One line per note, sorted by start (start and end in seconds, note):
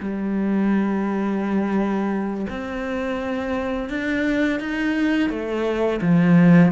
0.00 2.47 G3
2.50 3.90 C4
3.90 4.60 D4
4.60 5.30 D#4
5.30 6.01 A3
6.02 6.72 F3